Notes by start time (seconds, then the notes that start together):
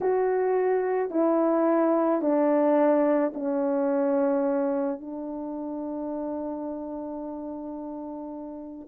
0.00 F#4
1.10 E4
2.21 D4
3.34 C#4
5.00 D4